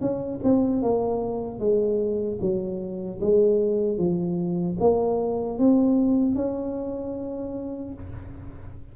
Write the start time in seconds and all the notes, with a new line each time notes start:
0.00 C#4
0.43 C4
0.82 A#3
1.59 G#3
2.41 F#3
3.20 G#3
3.98 F3
4.79 A#3
5.58 C4
6.35 C#4